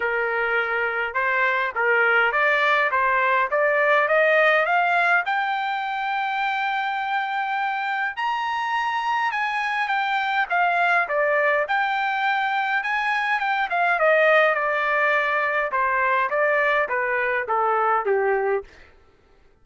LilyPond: \new Staff \with { instrumentName = "trumpet" } { \time 4/4 \tempo 4 = 103 ais'2 c''4 ais'4 | d''4 c''4 d''4 dis''4 | f''4 g''2.~ | g''2 ais''2 |
gis''4 g''4 f''4 d''4 | g''2 gis''4 g''8 f''8 | dis''4 d''2 c''4 | d''4 b'4 a'4 g'4 | }